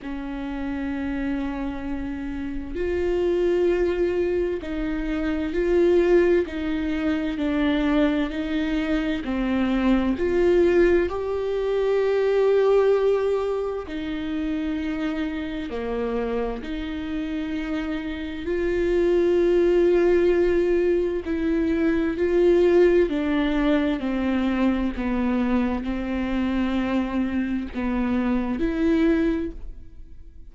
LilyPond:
\new Staff \with { instrumentName = "viola" } { \time 4/4 \tempo 4 = 65 cis'2. f'4~ | f'4 dis'4 f'4 dis'4 | d'4 dis'4 c'4 f'4 | g'2. dis'4~ |
dis'4 ais4 dis'2 | f'2. e'4 | f'4 d'4 c'4 b4 | c'2 b4 e'4 | }